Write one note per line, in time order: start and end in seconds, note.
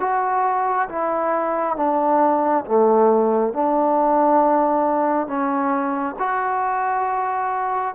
0.00 0.88 F#4
0.89 1.76 E4
1.76 2.65 D4
2.65 3.53 A3
3.53 5.27 D4
5.27 6.16 C#4
6.19 7.95 F#4